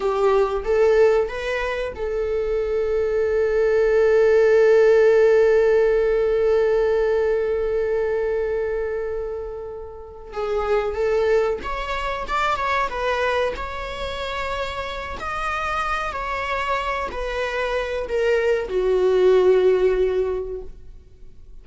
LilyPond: \new Staff \with { instrumentName = "viola" } { \time 4/4 \tempo 4 = 93 g'4 a'4 b'4 a'4~ | a'1~ | a'1~ | a'1 |
gis'4 a'4 cis''4 d''8 cis''8 | b'4 cis''2~ cis''8 dis''8~ | dis''4 cis''4. b'4. | ais'4 fis'2. | }